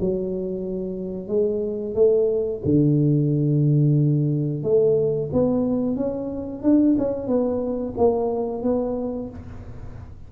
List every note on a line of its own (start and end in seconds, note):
0.00 1.28 F#3
1.28 1.94 G#3
1.95 2.61 A3
2.64 4.63 D3
4.63 5.29 A3
5.32 5.96 B3
5.96 6.62 C#4
6.62 6.96 D4
6.98 7.27 C#4
7.27 7.94 B3
7.97 8.62 A#3
8.62 9.29 B3